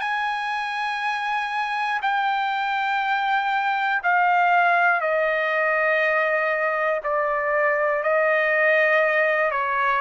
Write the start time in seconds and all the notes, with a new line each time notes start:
0.00 G#5
2.02 G5
4.03 F5
5.00 D#5
7.03 D5
8.03 D#5
9.51 C#5